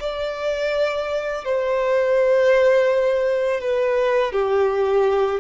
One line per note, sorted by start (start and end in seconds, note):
0.00 1.45 D5
1.45 3.61 C5
3.61 4.32 B4
4.32 5.40 G4